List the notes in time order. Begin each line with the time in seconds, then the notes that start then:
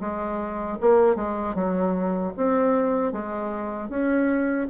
0.00 G#3
0.81 A#3
1.15 G#3
1.55 F#3
2.36 C4
3.12 G#3
3.89 C#4